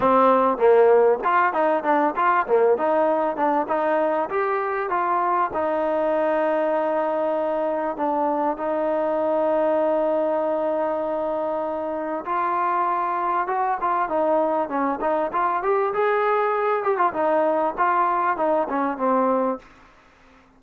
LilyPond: \new Staff \with { instrumentName = "trombone" } { \time 4/4 \tempo 4 = 98 c'4 ais4 f'8 dis'8 d'8 f'8 | ais8 dis'4 d'8 dis'4 g'4 | f'4 dis'2.~ | dis'4 d'4 dis'2~ |
dis'1 | f'2 fis'8 f'8 dis'4 | cis'8 dis'8 f'8 g'8 gis'4. g'16 f'16 | dis'4 f'4 dis'8 cis'8 c'4 | }